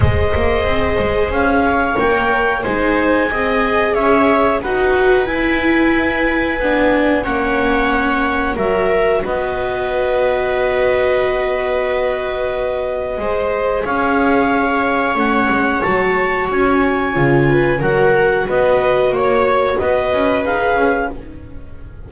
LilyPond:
<<
  \new Staff \with { instrumentName = "clarinet" } { \time 4/4 \tempo 4 = 91 dis''2 f''4 g''4 | gis''2 e''4 fis''4 | gis''2. fis''4~ | fis''4 e''4 dis''2~ |
dis''1~ | dis''4 f''2 fis''4 | a''4 gis''2 fis''4 | dis''4 cis''4 dis''4 f''4 | }
  \new Staff \with { instrumentName = "viola" } { \time 4/4 c''2~ c''8 cis''4. | c''4 dis''4 cis''4 b'4~ | b'2. cis''4~ | cis''4 ais'4 b'2~ |
b'1 | c''4 cis''2.~ | cis''2~ cis''8 b'8 ais'4 | b'4 cis''4 b'2 | }
  \new Staff \with { instrumentName = "viola" } { \time 4/4 gis'2. ais'4 | dis'4 gis'2 fis'4 | e'2 d'4 cis'4~ | cis'4 fis'2.~ |
fis'1 | gis'2. cis'4 | fis'2 f'4 fis'4~ | fis'2. gis'4 | }
  \new Staff \with { instrumentName = "double bass" } { \time 4/4 gis8 ais8 c'8 gis8 cis'4 ais4 | gis4 c'4 cis'4 dis'4 | e'2 b4 ais4~ | ais4 fis4 b2~ |
b1 | gis4 cis'2 a8 gis8 | fis4 cis'4 cis4 fis4 | b4 ais4 b8 cis'8 dis'8 cis'8 | }
>>